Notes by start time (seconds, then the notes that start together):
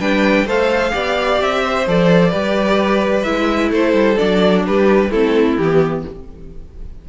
0.00 G3 D4 B4 G5
0.46 A3 A4 C5 F5
0.91 B3 G4 D5
1.42 C4 E5
1.64 C5
1.87 F3 A4 D5
2.30 G3 G4 B4
3.23 G#3 E4 E5
3.71 A3 A4 C5
3.94 G3
4.17 F#3 D4 D5
4.67 G3 G4 B4
5.11 A3 C4 E4 A4
5.58 E3 B3 G4